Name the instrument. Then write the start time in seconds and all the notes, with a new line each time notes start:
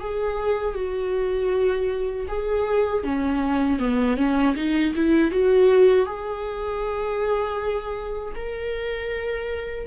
viola
0.00 G#4
0.75 F#4
2.28 G#4
3.04 C#4
3.79 B3
4.17 C#4
4.56 D#4
4.95 E4
5.31 F#4
6.06 G#4
8.35 A#4